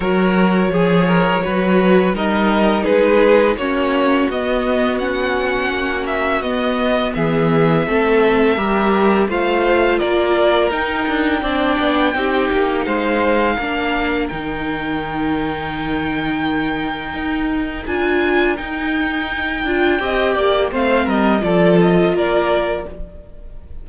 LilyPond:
<<
  \new Staff \with { instrumentName = "violin" } { \time 4/4 \tempo 4 = 84 cis''2. dis''4 | b'4 cis''4 dis''4 fis''4~ | fis''8 e''8 dis''4 e''2~ | e''4 f''4 d''4 g''4~ |
g''2 f''2 | g''1~ | g''4 gis''4 g''2~ | g''4 f''8 dis''8 d''8 dis''8 d''4 | }
  \new Staff \with { instrumentName = "violin" } { \time 4/4 ais'4 gis'8 ais'8 b'4 ais'4 | gis'4 fis'2.~ | fis'2 gis'4 a'4 | ais'4 c''4 ais'2 |
d''4 g'4 c''4 ais'4~ | ais'1~ | ais'1 | dis''8 d''8 c''8 ais'8 a'4 ais'4 | }
  \new Staff \with { instrumentName = "viola" } { \time 4/4 fis'4 gis'4 fis'4 dis'4~ | dis'4 cis'4 b4 cis'4~ | cis'4 b2 c'4 | g'4 f'2 dis'4 |
d'4 dis'2 d'4 | dis'1~ | dis'4 f'4 dis'4. f'8 | g'4 c'4 f'2 | }
  \new Staff \with { instrumentName = "cello" } { \time 4/4 fis4 f4 fis4 g4 | gis4 ais4 b2 | ais4 b4 e4 a4 | g4 a4 ais4 dis'8 d'8 |
c'8 b8 c'8 ais8 gis4 ais4 | dis1 | dis'4 d'4 dis'4. d'8 | c'8 ais8 a8 g8 f4 ais4 | }
>>